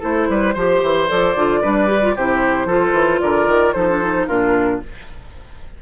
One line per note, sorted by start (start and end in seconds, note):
0.00 0.29 A3
0.00 0.54 E4
0.00 0.27 A4
0.00 1.10 C5
0.29 0.56 G3
0.29 0.54 B4
0.54 0.82 F3
0.54 1.08 G4
0.54 1.60 C5
0.82 1.09 E3
1.08 1.35 F3
1.08 1.35 A4
1.08 2.16 D5
1.35 1.62 D3
1.35 1.63 F4
1.62 2.17 G3
1.62 1.87 D4
1.62 2.15 B4
1.87 2.00 G4
2.02 2.15 F4
2.15 2.65 C3
2.15 2.69 E4
2.15 2.67 G4
2.15 3.20 C5
2.65 2.92 F3
2.65 3.75 F4
2.65 3.20 A4
2.93 3.19 E3
3.20 3.47 D3
3.20 3.75 A#4
3.20 3.73 D5
3.47 3.74 D#3
3.73 4.28 F3
3.73 3.88 D#4
3.73 4.27 A4
3.73 4.26 C5
3.89 4.02 D4
4.02 4.29 D#4
4.27 4.82 A#2
4.27 4.82 D4
4.27 4.80 F4
4.27 4.80 A#4